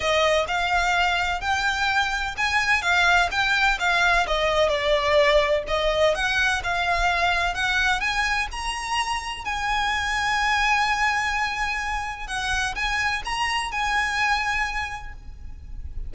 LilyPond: \new Staff \with { instrumentName = "violin" } { \time 4/4 \tempo 4 = 127 dis''4 f''2 g''4~ | g''4 gis''4 f''4 g''4 | f''4 dis''4 d''2 | dis''4 fis''4 f''2 |
fis''4 gis''4 ais''2 | gis''1~ | gis''2 fis''4 gis''4 | ais''4 gis''2. | }